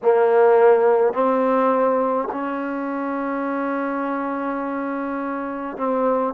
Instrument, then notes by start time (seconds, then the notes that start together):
trombone
0.02 A#3
1.13 C4
2.31 C#4
5.77 C4